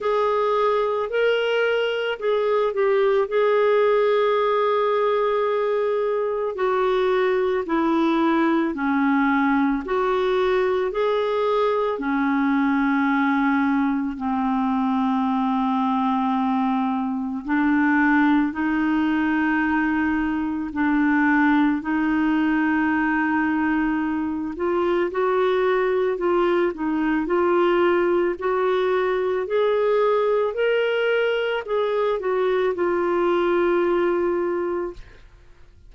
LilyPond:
\new Staff \with { instrumentName = "clarinet" } { \time 4/4 \tempo 4 = 55 gis'4 ais'4 gis'8 g'8 gis'4~ | gis'2 fis'4 e'4 | cis'4 fis'4 gis'4 cis'4~ | cis'4 c'2. |
d'4 dis'2 d'4 | dis'2~ dis'8 f'8 fis'4 | f'8 dis'8 f'4 fis'4 gis'4 | ais'4 gis'8 fis'8 f'2 | }